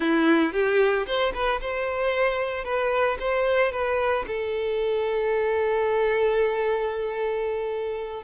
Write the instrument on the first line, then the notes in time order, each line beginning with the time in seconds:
violin
0.00 E4
0.52 G4
1.06 C5
1.34 B4
1.60 C5
2.64 B4
3.19 C5
3.72 B4
4.27 A4